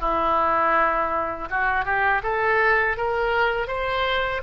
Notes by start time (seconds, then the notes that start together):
0.00 E4
1.50 F#4
1.85 G4
2.23 A4
2.97 A#4
3.67 C5